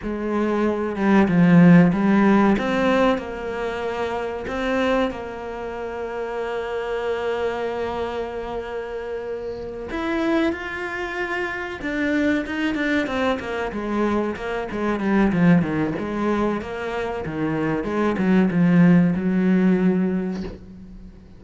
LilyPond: \new Staff \with { instrumentName = "cello" } { \time 4/4 \tempo 4 = 94 gis4. g8 f4 g4 | c'4 ais2 c'4 | ais1~ | ais2.~ ais8 e'8~ |
e'8 f'2 d'4 dis'8 | d'8 c'8 ais8 gis4 ais8 gis8 g8 | f8 dis8 gis4 ais4 dis4 | gis8 fis8 f4 fis2 | }